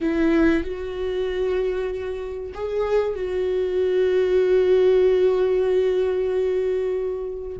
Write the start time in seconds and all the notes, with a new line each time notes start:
0.00 E4
0.63 F#4
2.53 G#4
3.15 F#4